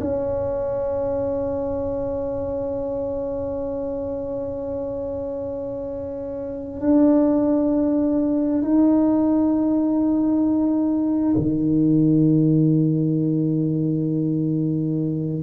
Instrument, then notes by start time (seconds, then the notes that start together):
tuba
0.00 C#4
6.80 D4
8.62 D#4
11.36 D#3